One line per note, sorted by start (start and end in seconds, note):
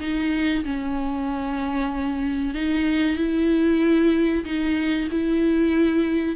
0.00 0.64 D#4
0.64 2.54 C#4
2.54 3.17 D#4
3.17 4.44 E4
4.45 5.09 D#4
5.11 6.36 E4